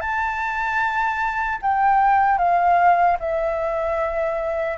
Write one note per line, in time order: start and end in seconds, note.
0.00 1.58 A5
1.61 2.38 G5
2.38 3.17 F5
3.19 4.77 E5